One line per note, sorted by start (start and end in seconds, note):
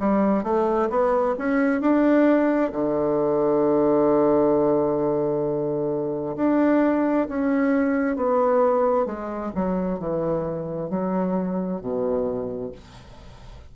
0.00 0.44 G3
0.44 0.89 A3
0.90 1.36 B3
1.38 1.81 C#4
1.81 2.72 D4
2.72 6.36 D3
6.36 7.27 D4
7.29 8.17 C#4
8.17 9.06 B3
9.06 9.52 G#3
9.55 9.99 F#3
9.99 10.90 E3
10.90 11.81 F#3
11.81 12.72 B2